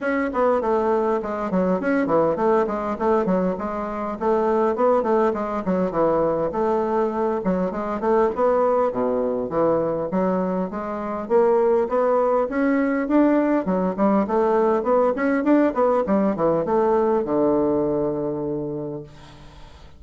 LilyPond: \new Staff \with { instrumentName = "bassoon" } { \time 4/4 \tempo 4 = 101 cis'8 b8 a4 gis8 fis8 cis'8 e8 | a8 gis8 a8 fis8 gis4 a4 | b8 a8 gis8 fis8 e4 a4~ | a8 fis8 gis8 a8 b4 b,4 |
e4 fis4 gis4 ais4 | b4 cis'4 d'4 fis8 g8 | a4 b8 cis'8 d'8 b8 g8 e8 | a4 d2. | }